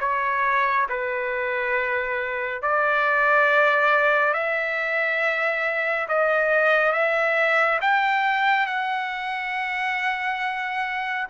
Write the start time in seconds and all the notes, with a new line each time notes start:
0.00 C#5
0.89 B4
2.62 D5
4.34 E5
6.09 D#5
6.92 E5
7.81 G5
8.66 F#5